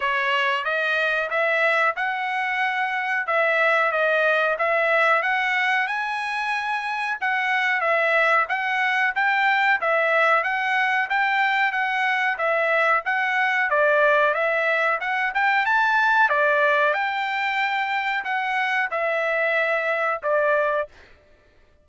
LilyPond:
\new Staff \with { instrumentName = "trumpet" } { \time 4/4 \tempo 4 = 92 cis''4 dis''4 e''4 fis''4~ | fis''4 e''4 dis''4 e''4 | fis''4 gis''2 fis''4 | e''4 fis''4 g''4 e''4 |
fis''4 g''4 fis''4 e''4 | fis''4 d''4 e''4 fis''8 g''8 | a''4 d''4 g''2 | fis''4 e''2 d''4 | }